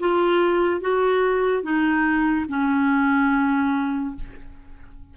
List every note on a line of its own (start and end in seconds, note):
0.00 0.81 F4
0.81 1.63 F#4
1.63 2.46 D#4
2.48 4.15 C#4